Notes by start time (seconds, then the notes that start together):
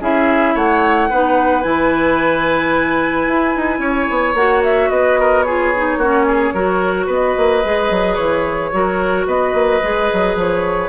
0.00 C#4 E4 G#4 E5
0.54 A3 C#5 F#5
1.09 B3 D#4 B4
1.62 E3 E4 G#5
3.27 E4
3.55 D#4
3.78 C#4 C#5
4.09 B3
4.34 A#3 F#4 F#5
4.63 E5
4.90 B3 B4 D#5
5.19 A#4
5.42 F4 G#4 C#5
5.75 D#4
5.97 A#3 C#4 F#4
6.27 G#4
6.53 F#3 F#4 A#4
7.06 B3 B4
7.12 D#5
7.37 A#3
7.64 G#3 G#4
7.90 F#3
8.15 E3 C#5
8.72 F#3 F#4 A#4
9.26 B3 B4 D#5
9.53 A#3
9.82 G#3 G#4
10.12 F#3
10.35 F3 C#5